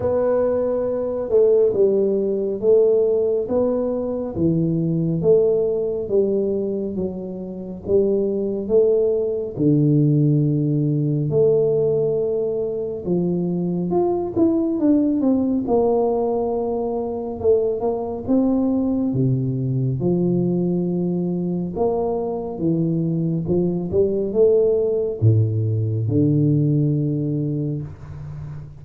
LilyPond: \new Staff \with { instrumentName = "tuba" } { \time 4/4 \tempo 4 = 69 b4. a8 g4 a4 | b4 e4 a4 g4 | fis4 g4 a4 d4~ | d4 a2 f4 |
f'8 e'8 d'8 c'8 ais2 | a8 ais8 c'4 c4 f4~ | f4 ais4 e4 f8 g8 | a4 a,4 d2 | }